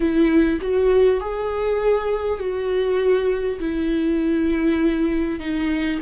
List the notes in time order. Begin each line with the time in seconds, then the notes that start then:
0.00 E4
0.61 F#4
1.20 G#4
2.39 F#4
3.59 E4
5.39 D#4